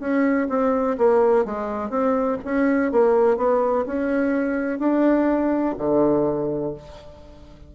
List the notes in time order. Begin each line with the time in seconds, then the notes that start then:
0.00 C#4
0.49 C4
0.98 A#3
1.45 G#3
1.90 C4
2.45 C#4
2.92 A#3
3.37 B3
3.86 C#4
4.79 D4
5.78 D3